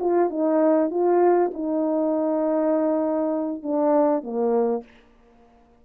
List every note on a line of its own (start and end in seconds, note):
0.00 0.30 F4
0.30 0.91 D#4
0.91 1.51 F4
1.54 3.63 D#4
3.63 4.23 D4
4.23 4.84 A#3